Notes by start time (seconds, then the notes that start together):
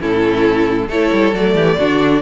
0.00 A2 C#4 E4 A4
0.88 A3 E4 A4 C#5
1.13 G3
1.34 F#3 A3 D5
1.55 E3 G4
1.78 D3 D4 F#4